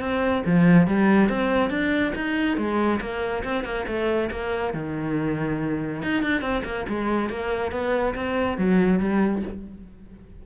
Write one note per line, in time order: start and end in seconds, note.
0.00 0.43 C4
0.46 0.87 F3
0.87 1.30 G3
1.30 1.70 C4
1.70 2.13 D4
2.15 2.57 D#4
2.57 3.00 G#3
3.01 3.44 A#3
3.44 3.64 C4
3.64 3.86 A#3
3.87 4.30 A3
4.31 4.74 A#3
4.74 6.03 D#3
6.03 6.23 D#4
6.23 6.41 D4
6.41 6.63 C4
6.65 6.86 A#3
6.89 7.30 G#3
7.30 7.72 A#3
7.72 8.14 B3
8.15 8.58 C4
8.58 9.00 F#3
9.00 9.43 G3